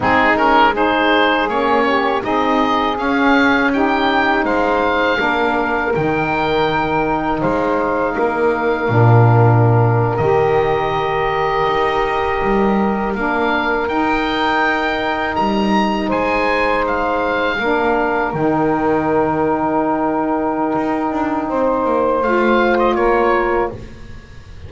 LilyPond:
<<
  \new Staff \with { instrumentName = "oboe" } { \time 4/4 \tempo 4 = 81 gis'8 ais'8 c''4 cis''4 dis''4 | f''4 g''4 f''2 | g''2 f''2~ | f''4.~ f''16 dis''2~ dis''16~ |
dis''4.~ dis''16 f''4 g''4~ g''16~ | g''8. ais''4 gis''4 f''4~ f''16~ | f''8. g''2.~ g''16~ | g''2 f''8. dis''16 cis''4 | }
  \new Staff \with { instrumentName = "saxophone" } { \time 4/4 dis'4 gis'4. g'8 gis'4~ | gis'4 g'4 c''4 ais'4~ | ais'2 c''4 ais'4~ | ais'1~ |
ais'1~ | ais'4.~ ais'16 c''2 ais'16~ | ais'1~ | ais'4 c''2 ais'4 | }
  \new Staff \with { instrumentName = "saxophone" } { \time 4/4 c'8 cis'8 dis'4 cis'4 dis'4 | cis'4 dis'2 d'4 | dis'1 | d'4.~ d'16 g'2~ g'16~ |
g'4.~ g'16 d'4 dis'4~ dis'16~ | dis'2.~ dis'8. d'16~ | d'8. dis'2.~ dis'16~ | dis'2 f'2 | }
  \new Staff \with { instrumentName = "double bass" } { \time 4/4 gis2 ais4 c'4 | cis'2 gis4 ais4 | dis2 gis4 ais4 | ais,4.~ ais,16 dis2 dis'16~ |
dis'8. g4 ais4 dis'4~ dis'16~ | dis'8. g4 gis2 ais16~ | ais8. dis2.~ dis16 | dis'8 d'8 c'8 ais8 a4 ais4 | }
>>